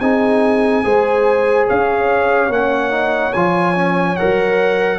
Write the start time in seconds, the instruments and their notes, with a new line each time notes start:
0.00 tuba C4, trombone D#4, horn G#4, trumpet G#5
0.84 tuba G#3, trombone G#4, horn C5
1.68 tuba C#4, horn C#5, trumpet F5
2.50 tuba A#3, trombone C#4, trumpet F#5
2.90 trombone D#4
3.34 tuba F3, trombone F4, trumpet G#5
3.75 trombone C#4
4.17 tuba F#3, trombone A#4, trumpet F#5